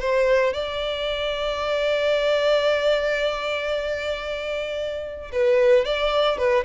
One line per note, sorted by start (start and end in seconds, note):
0.00 0.53 C5
0.53 5.31 D5
5.32 5.85 B4
5.85 6.38 D5
6.38 6.64 B4